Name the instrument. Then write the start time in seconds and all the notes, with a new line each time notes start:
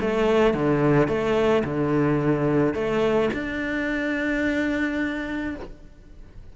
cello
0.00 A3
0.53 D3
1.07 A3
1.64 D3
2.74 A3
3.33 D4